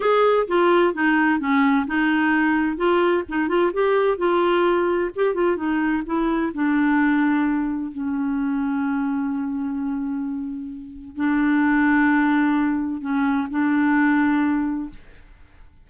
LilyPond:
\new Staff \with { instrumentName = "clarinet" } { \time 4/4 \tempo 4 = 129 gis'4 f'4 dis'4 cis'4 | dis'2 f'4 dis'8 f'8 | g'4 f'2 g'8 f'8 | dis'4 e'4 d'2~ |
d'4 cis'2.~ | cis'1 | d'1 | cis'4 d'2. | }